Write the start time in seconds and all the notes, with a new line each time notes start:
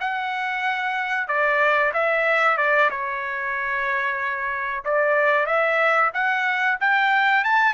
0.00 F#5
1.28 D5
1.93 E5
2.57 D5
2.90 C#5
4.85 D5
5.46 E5
6.14 F#5
6.80 G5
7.44 A5